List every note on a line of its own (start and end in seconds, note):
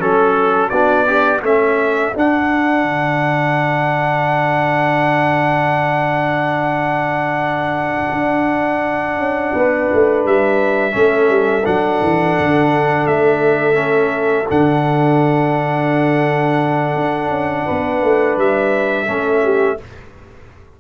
0.00 0.71 F#3
0.00 0.71 C#4
0.00 0.69 A4
0.00 0.71 A4
0.69 1.42 B3
0.69 1.07 D4
0.69 1.06 F#4
0.69 1.40 D5
1.07 1.42 D4
1.07 1.42 G4
1.42 2.13 A3
1.42 2.13 C#4
1.42 9.53 A4
1.42 2.16 E5
2.14 10.92 D4
2.14 2.82 D4
2.14 10.26 F#5
2.82 8.11 D3
8.11 9.17 D4
9.17 9.52 C#4
9.53 9.89 B3
9.53 10.94 B4
9.93 10.24 A3
10.24 10.95 G3
10.24 11.66 E5
10.92 11.29 A3
10.92 11.63 C#4
10.92 17.65 A4
11.29 11.64 G3
11.65 12.01 F#3
11.65 13.74 D4
11.65 13.06 F#5
12.01 12.37 E3
12.39 13.06 D3
13.06 14.47 A3
13.06 14.47 E5
13.74 14.44 C#4
14.49 16.95 D3
14.49 19.07 D4
14.49 18.39 F#5
16.95 17.28 D4
17.28 17.64 C#4
17.65 18.02 B3
17.65 19.06 B4
18.02 18.37 A3
18.37 19.08 G3
18.37 19.80 E5
19.07 19.79 A3
19.07 19.77 C#4
19.07 19.42 A4
19.44 19.79 G4